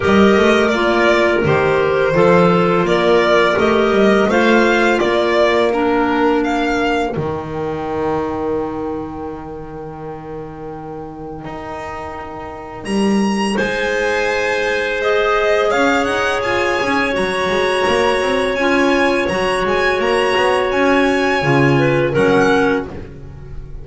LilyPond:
<<
  \new Staff \with { instrumentName = "violin" } { \time 4/4 \tempo 4 = 84 dis''4 d''4 c''2 | d''4 dis''4 f''4 d''4 | ais'4 f''4 g''2~ | g''1~ |
g''2 ais''4 gis''4~ | gis''4 dis''4 f''8 fis''8 gis''4 | ais''2 gis''4 ais''8 gis''8 | ais''4 gis''2 fis''4 | }
  \new Staff \with { instrumentName = "clarinet" } { \time 4/4 ais'2. a'4 | ais'2 c''4 ais'4~ | ais'1~ | ais'1~ |
ais'2. c''4~ | c''2 cis''2~ | cis''1~ | cis''2~ cis''8 b'8 ais'4 | }
  \new Staff \with { instrumentName = "clarinet" } { \time 4/4 g'4 f'4 g'4 f'4~ | f'4 g'4 f'2 | d'2 dis'2~ | dis'1~ |
dis'1~ | dis'4 gis'2. | fis'2 f'4 fis'4~ | fis'2 f'4 cis'4 | }
  \new Staff \with { instrumentName = "double bass" } { \time 4/4 g8 a8 ais4 dis4 f4 | ais4 a8 g8 a4 ais4~ | ais2 dis2~ | dis1 |
dis'2 g4 gis4~ | gis2 cis'8 dis'8 f'8 cis'8 | fis8 gis8 ais8 c'8 cis'4 fis8 gis8 | ais8 b8 cis'4 cis4 fis4 | }
>>